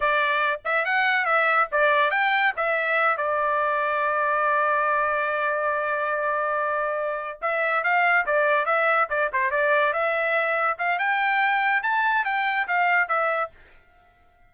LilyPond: \new Staff \with { instrumentName = "trumpet" } { \time 4/4 \tempo 4 = 142 d''4. e''8 fis''4 e''4 | d''4 g''4 e''4. d''8~ | d''1~ | d''1~ |
d''4. e''4 f''4 d''8~ | d''8 e''4 d''8 c''8 d''4 e''8~ | e''4. f''8 g''2 | a''4 g''4 f''4 e''4 | }